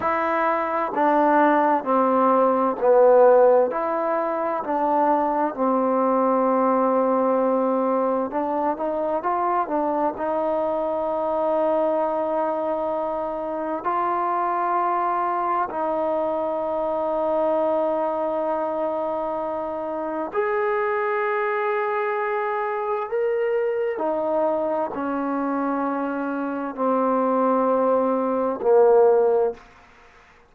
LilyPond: \new Staff \with { instrumentName = "trombone" } { \time 4/4 \tempo 4 = 65 e'4 d'4 c'4 b4 | e'4 d'4 c'2~ | c'4 d'8 dis'8 f'8 d'8 dis'4~ | dis'2. f'4~ |
f'4 dis'2.~ | dis'2 gis'2~ | gis'4 ais'4 dis'4 cis'4~ | cis'4 c'2 ais4 | }